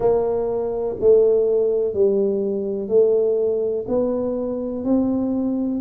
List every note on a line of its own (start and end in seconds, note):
0.00 0.96 A#3
0.99 1.93 A3
1.93 2.88 G3
2.88 3.85 A3
3.88 4.84 B3
4.84 5.80 C4